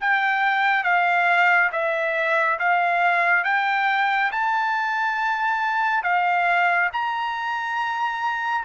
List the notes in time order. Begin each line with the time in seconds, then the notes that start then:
0.00 G5
0.83 F5
1.72 E5
2.59 F5
3.44 G5
4.31 A5
6.03 F5
6.92 A#5